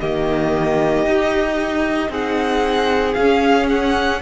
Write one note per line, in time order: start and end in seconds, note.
0.00 1.06 D#3
0.00 1.07 A#3
0.00 2.11 G4
0.00 2.11 D#5
1.06 2.09 D#4
1.06 3.18 D#4
2.09 3.15 C4
2.09 4.21 G#4
2.09 3.14 F#5
3.14 4.21 C#4
3.14 3.67 F5
3.20 4.21 C#4
3.69 4.21 F#5